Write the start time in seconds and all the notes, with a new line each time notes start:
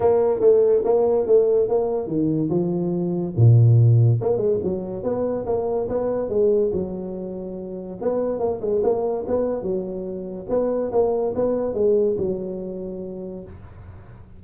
0.00 A#3
0.40 A3
0.84 A#3
1.26 A3
1.68 A#3
2.07 D#3
2.49 F3
3.36 A#2
4.21 A#3
4.37 G#3
4.63 F#3
5.03 B3
5.45 A#3
5.88 B3
6.29 G#3
6.72 F#3
8.01 B3
8.39 A#3
8.61 G#3
8.83 A#3
9.27 B3
9.62 F#3
10.49 B3
10.91 A#3
11.35 B3
11.74 G#3
12.17 F#3